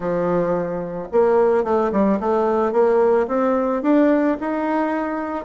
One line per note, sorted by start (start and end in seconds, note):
0.00 1.07 F3
1.12 1.63 A#3
1.63 1.91 A3
1.91 2.19 G3
2.19 2.72 A3
2.72 3.27 A#3
3.27 3.82 C4
3.82 4.37 D4
4.40 5.44 D#4